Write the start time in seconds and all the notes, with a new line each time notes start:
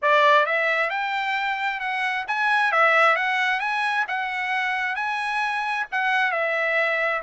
0.02 D5
0.46 E5
0.90 G5
1.80 F#5
2.27 G#5
2.71 E5
3.15 F#5
3.59 G#5
4.08 F#5
4.95 G#5
5.91 F#5
6.31 E5